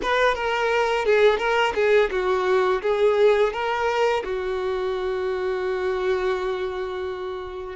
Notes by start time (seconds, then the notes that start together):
0.02 B4
0.34 A#4
1.05 G#4
1.38 A#4
1.74 G#4
2.10 F#4
2.82 G#4
3.52 A#4
4.24 F#4